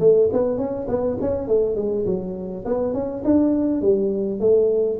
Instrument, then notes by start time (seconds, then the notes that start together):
tuba
0.00 A3
0.33 B3
0.58 C#4
0.88 B3
1.21 C#4
1.48 A3
1.76 G#3
2.06 F#3
2.66 B3
2.94 C#4
3.25 D4
3.82 G3
4.40 A3